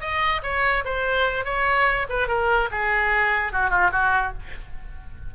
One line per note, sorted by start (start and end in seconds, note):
0.00 0.41 D#5
0.43 0.84 C#5
0.84 1.45 C5
1.45 2.07 C#5
2.09 2.27 B4
2.27 2.69 A#4
2.71 3.52 G#4
3.52 3.70 F#4
3.70 3.91 F4
3.91 4.33 F#4